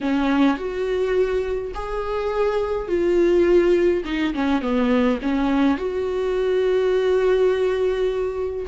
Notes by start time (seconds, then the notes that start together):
0.00 C#4
0.57 F#4
1.74 G#4
2.88 F4
4.04 D#4
4.33 C#4
4.61 B3
5.22 C#4
5.77 F#4